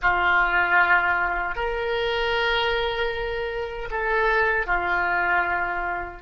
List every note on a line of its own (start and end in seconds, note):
0.02 1.55 F4
1.55 3.89 A#4
3.91 4.66 A4
4.66 6.22 F4